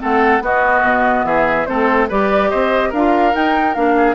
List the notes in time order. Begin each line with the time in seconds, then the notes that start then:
0.00 A3 C4 A4 F#5
0.41 B3 F#4 D#5
0.82 B2
1.25 E3 G#4 E5
1.66 A3 C4 A4 C5
2.09 G3 G4 B4 D5
2.50 C4 C5 D#5
2.89 D4 A#4 F5
2.96 F4
3.32 D#4 G5
3.75 A#3 D4 F5
3.97 G#4